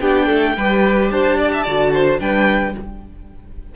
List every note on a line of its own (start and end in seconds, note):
0.00 0.27 B3
0.00 0.55 D4
0.00 0.26 G4
0.00 1.09 G5
0.26 0.56 A3
0.26 0.53 A4
0.56 1.11 G3
0.56 1.67 G4
0.56 1.11 B4
1.10 1.65 D4
1.10 1.37 C5
1.10 2.19 A5
1.37 1.51 D5
1.53 1.62 E5
1.62 2.20 D3
1.62 2.18 F#4
1.62 1.90 D5
1.93 2.20 C5
2.18 2.74 G3
2.18 2.73 D4
2.18 2.75 B4
2.18 2.74 G5